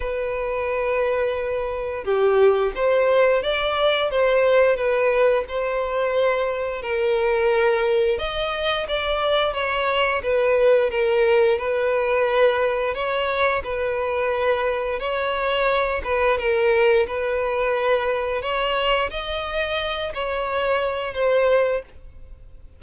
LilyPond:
\new Staff \with { instrumentName = "violin" } { \time 4/4 \tempo 4 = 88 b'2. g'4 | c''4 d''4 c''4 b'4 | c''2 ais'2 | dis''4 d''4 cis''4 b'4 |
ais'4 b'2 cis''4 | b'2 cis''4. b'8 | ais'4 b'2 cis''4 | dis''4. cis''4. c''4 | }